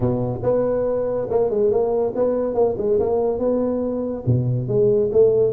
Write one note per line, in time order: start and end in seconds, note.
0.00 0.40 B2
0.42 1.27 B3
1.30 1.50 A#3
1.50 1.70 G#3
1.70 2.13 A#3
2.15 2.54 B3
2.54 2.75 A#3
2.77 2.99 G#3
2.99 3.38 A#3
3.38 4.23 B3
4.26 4.68 B2
4.68 5.10 G#3
5.12 5.52 A3